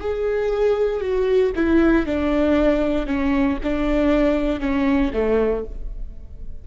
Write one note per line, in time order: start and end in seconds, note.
0.00 1.00 G#4
1.00 1.52 F#4
1.55 2.06 E4
2.06 3.06 D4
3.06 3.58 C#4
3.63 4.60 D4
4.60 5.11 C#4
5.13 5.64 A3